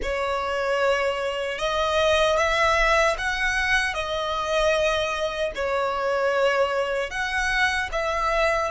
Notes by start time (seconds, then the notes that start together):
0.02 C#5
1.58 D#5
2.37 E5
3.18 F#5
3.94 D#5
5.55 C#5
7.10 F#5
7.92 E5